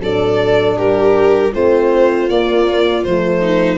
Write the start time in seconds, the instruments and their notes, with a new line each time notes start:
0.00 tuba F#3, horn D4, viola A4, violin D5
0.76 tuba G3, viola G4, violin A#4
1.53 tuba A3, horn C4, viola F4, violin C5
2.29 horn A#3, tuba A#3, violin D5
3.04 tuba F3, horn A3, violin C5
3.41 viola D#4